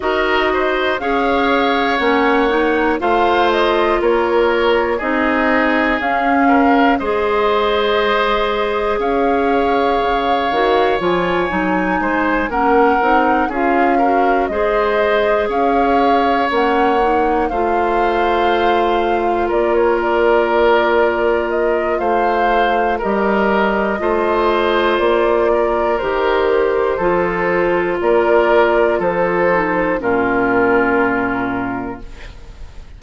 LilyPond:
<<
  \new Staff \with { instrumentName = "flute" } { \time 4/4 \tempo 4 = 60 dis''4 f''4 fis''4 f''8 dis''8 | cis''4 dis''4 f''4 dis''4~ | dis''4 f''2 gis''4~ | gis''8 fis''4 f''4 dis''4 f''8~ |
f''8 fis''4 f''2 d''16 cis''16 | d''4. dis''8 f''4 dis''4~ | dis''4 d''4 c''2 | d''4 c''4 ais'2 | }
  \new Staff \with { instrumentName = "oboe" } { \time 4/4 ais'8 c''8 cis''2 c''4 | ais'4 gis'4. ais'8 c''4~ | c''4 cis''2. | c''8 ais'4 gis'8 ais'8 c''4 cis''8~ |
cis''4. c''2 ais'8~ | ais'2 c''4 ais'4 | c''4. ais'4. a'4 | ais'4 a'4 f'2 | }
  \new Staff \with { instrumentName = "clarinet" } { \time 4/4 fis'4 gis'4 cis'8 dis'8 f'4~ | f'4 dis'4 cis'4 gis'4~ | gis'2~ gis'8 fis'8 f'8 dis'8~ | dis'8 cis'8 dis'8 f'8 fis'8 gis'4.~ |
gis'8 cis'8 dis'8 f'2~ f'8~ | f'2. g'4 | f'2 g'4 f'4~ | f'4. dis'8 cis'2 | }
  \new Staff \with { instrumentName = "bassoon" } { \time 4/4 dis'4 cis'4 ais4 a4 | ais4 c'4 cis'4 gis4~ | gis4 cis'4 cis8 dis8 f8 fis8 | gis8 ais8 c'8 cis'4 gis4 cis'8~ |
cis'8 ais4 a2 ais8~ | ais2 a4 g4 | a4 ais4 dis4 f4 | ais4 f4 ais,2 | }
>>